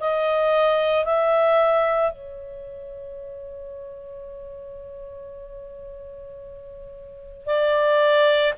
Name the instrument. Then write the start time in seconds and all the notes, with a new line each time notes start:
clarinet
0.00 D#5
1.05 E5
2.12 C#5
7.46 D5